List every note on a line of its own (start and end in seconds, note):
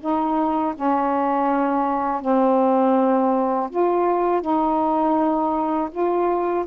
0.00 0.74 D#4
0.75 2.22 C#4
2.22 3.70 C4
3.70 4.41 F4
4.41 5.89 D#4
5.91 6.65 F4